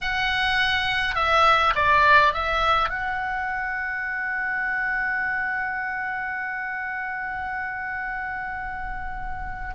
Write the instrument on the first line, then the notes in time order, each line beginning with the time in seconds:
oboe
0.01 F#5
1.15 E5
1.75 D5
2.33 E5
2.89 F#5